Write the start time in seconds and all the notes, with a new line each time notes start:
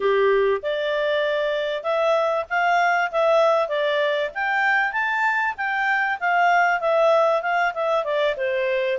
0.00 G4
0.62 D5
1.82 E5
2.49 F5
3.11 E5
3.68 D5
4.34 G5
4.92 A5
5.57 G5
6.19 F5
6.80 E5
7.42 F5
7.73 E5
8.04 D5
8.36 C5